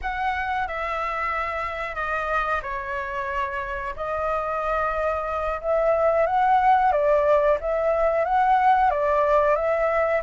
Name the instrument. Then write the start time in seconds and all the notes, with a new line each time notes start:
flute
0.01 F#5
0.67 E5
1.95 D#5
2.62 C#5
3.96 D#5
5.61 E5
6.26 F#5
6.91 D5
7.60 E5
8.24 F#5
8.90 D5
9.55 E5